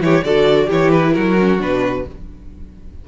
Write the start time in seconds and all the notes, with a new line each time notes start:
0.00 E3 E4 G4 C#5
0.24 D3 F#4 A4 D5
0.67 E3 E4 G4 C#5
0.91 B4
1.14 F#3 F#4 A#4
1.39 C#4
1.59 B2 D4 B4